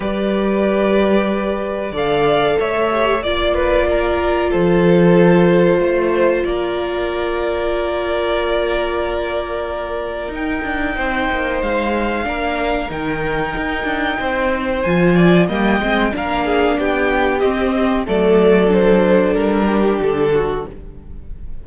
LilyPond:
<<
  \new Staff \with { instrumentName = "violin" } { \time 4/4 \tempo 4 = 93 d''2. f''4 | e''4 d''2 c''4~ | c''2 d''2~ | d''1 |
g''2 f''2 | g''2. gis''4 | g''4 f''4 g''4 dis''4 | d''4 c''4 ais'4 a'4 | }
  \new Staff \with { instrumentName = "violin" } { \time 4/4 b'2. d''4 | cis''4 d''8 b'8 ais'4 a'4~ | a'4 c''4 ais'2~ | ais'1~ |
ais'4 c''2 ais'4~ | ais'2 c''4. d''8 | dis''4 ais'8 gis'8 g'2 | a'2~ a'8 g'4 fis'8 | }
  \new Staff \with { instrumentName = "viola" } { \time 4/4 g'2. a'4~ | a'8 g'8 f'2.~ | f'1~ | f'1 |
dis'2. d'4 | dis'2. f'4 | ais8 c'8 d'2 c'4 | a4 d'2. | }
  \new Staff \with { instrumentName = "cello" } { \time 4/4 g2. d4 | a4 ais2 f4~ | f4 a4 ais2~ | ais1 |
dis'8 d'8 c'8 ais8 gis4 ais4 | dis4 dis'8 d'8 c'4 f4 | g8 gis8 ais4 b4 c'4 | fis2 g4 d4 | }
>>